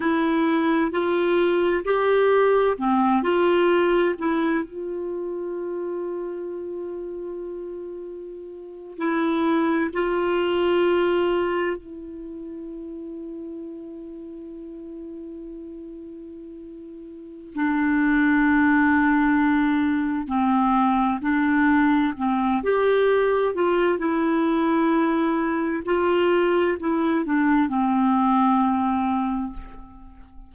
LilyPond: \new Staff \with { instrumentName = "clarinet" } { \time 4/4 \tempo 4 = 65 e'4 f'4 g'4 c'8 f'8~ | f'8 e'8 f'2.~ | f'4.~ f'16 e'4 f'4~ f'16~ | f'8. e'2.~ e'16~ |
e'2. d'4~ | d'2 c'4 d'4 | c'8 g'4 f'8 e'2 | f'4 e'8 d'8 c'2 | }